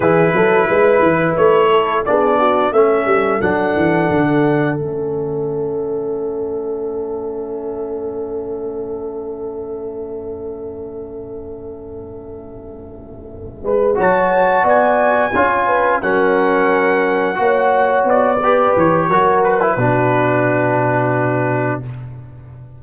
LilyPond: <<
  \new Staff \with { instrumentName = "trumpet" } { \time 4/4 \tempo 4 = 88 b'2 cis''4 d''4 | e''4 fis''2 e''4~ | e''1~ | e''1~ |
e''1~ | e''8 a''4 gis''2 fis''8~ | fis''2~ fis''8 d''4 cis''8~ | cis''8 b'2.~ b'8 | }
  \new Staff \with { instrumentName = "horn" } { \time 4/4 gis'8 a'8 b'4. a'8 gis'8 fis'8 | a'1~ | a'1~ | a'1~ |
a'1 | b'8 cis''4 d''4 cis''8 b'8 ais'8~ | ais'4. cis''4. b'4 | ais'4 fis'2. | }
  \new Staff \with { instrumentName = "trombone" } { \time 4/4 e'2. d'4 | cis'4 d'2 cis'4~ | cis'1~ | cis'1~ |
cis'1~ | cis'8 fis'2 f'4 cis'8~ | cis'4. fis'4. g'4 | fis'8. e'16 d'2. | }
  \new Staff \with { instrumentName = "tuba" } { \time 4/4 e8 fis8 gis8 e8 a4 b4 | a8 g8 fis8 e8 d4 a4~ | a1~ | a1~ |
a1 | gis8 fis4 b4 cis'4 fis8~ | fis4. ais4 b4 e8 | fis4 b,2. | }
>>